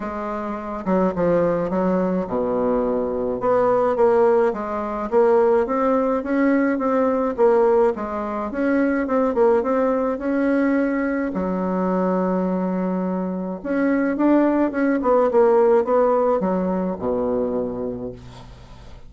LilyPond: \new Staff \with { instrumentName = "bassoon" } { \time 4/4 \tempo 4 = 106 gis4. fis8 f4 fis4 | b,2 b4 ais4 | gis4 ais4 c'4 cis'4 | c'4 ais4 gis4 cis'4 |
c'8 ais8 c'4 cis'2 | fis1 | cis'4 d'4 cis'8 b8 ais4 | b4 fis4 b,2 | }